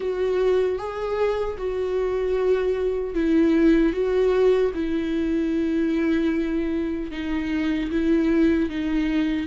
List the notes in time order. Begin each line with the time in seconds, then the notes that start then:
0.00 F#4
0.78 G#4
1.57 F#4
3.14 E4
3.93 F#4
4.74 E4
7.11 D#4
7.90 E4
8.69 D#4